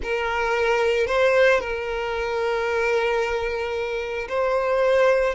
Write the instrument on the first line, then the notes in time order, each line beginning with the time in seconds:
violin
0.02 A#4
1.06 C5
1.60 A#4
4.29 C5